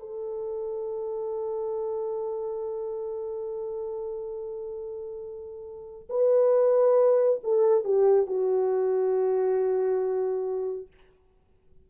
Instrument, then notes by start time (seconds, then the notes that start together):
horn
0.00 A4
6.10 B4
7.44 A4
7.85 G4
8.27 F#4